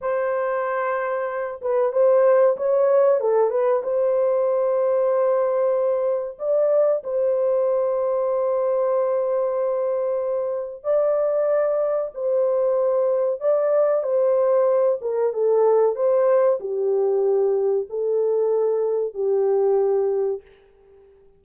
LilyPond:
\new Staff \with { instrumentName = "horn" } { \time 4/4 \tempo 4 = 94 c''2~ c''8 b'8 c''4 | cis''4 a'8 b'8 c''2~ | c''2 d''4 c''4~ | c''1~ |
c''4 d''2 c''4~ | c''4 d''4 c''4. ais'8 | a'4 c''4 g'2 | a'2 g'2 | }